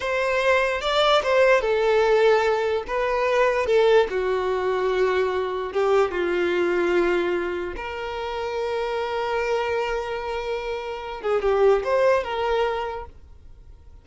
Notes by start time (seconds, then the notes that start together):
0.00 C5
0.81 D5
1.23 C5
1.61 A4
2.87 B4
3.66 A4
4.10 F#4
5.73 G4
6.11 F4
7.76 A#4
11.21 G#4
11.41 G4
11.84 C5
12.23 A#4